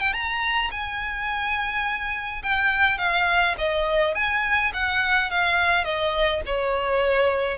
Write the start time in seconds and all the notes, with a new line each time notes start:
0.00 G5
0.14 A#5
0.71 G#5
2.43 G5
2.98 F5
3.58 D#5
4.15 G#5
4.74 F#5
5.31 F5
5.84 D#5
6.46 C#5